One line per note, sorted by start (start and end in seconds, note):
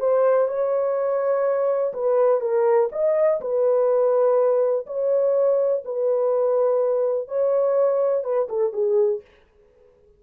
0.00 0.48 C5
0.48 1.93 C#5
1.93 2.41 B4
2.41 2.89 A#4
2.92 3.40 D#5
3.41 4.86 B4
4.86 5.83 C#5
5.85 7.28 B4
7.28 8.24 C#5
8.24 8.48 B4
8.49 8.73 A4
8.73 9.21 G#4